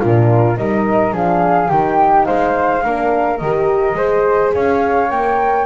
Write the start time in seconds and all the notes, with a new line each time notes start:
0.00 A#2 D4 F4 A#4
0.57 G3 D#4 A#4 D#5
1.12 F3 D4 G#4 F5
1.69 D#3 D#4 G4 G5
2.25 G#3 C5 F5
2.83 A#3 D4 A#4
3.38 D#3 G4 D#5
3.94 G#3 G#4 C5
4.54 C#4 C#5 F5
5.10 A#3 A#4 G5